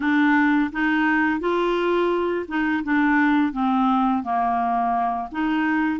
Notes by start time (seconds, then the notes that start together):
0.00 D4
0.72 D#4
1.40 F4
2.47 D#4
2.83 D4
3.52 C4
4.23 A#3
5.31 D#4